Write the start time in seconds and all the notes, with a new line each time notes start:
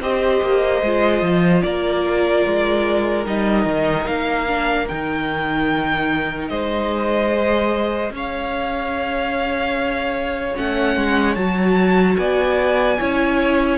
0.00 C4 G4 C5 D#5
0.41 A#3
0.82 G#3 F4
1.21 F3
1.62 A#3 A#4 D5
2.45 G#3
3.25 G3 D#4 D#5
3.65 D#3
4.06 A#3 F5
4.47 D4
4.88 D#3 D#4 G5
6.48 G#3 C5 D#5
7.32 G#4
8.10 C#4 C#5
8.16 F5
10.56 A3 C#4 F#5
10.96 G#3
11.34 F#3 F#4 A5
12.16 B3 D5 G#5
12.99 C#4 E4 C#5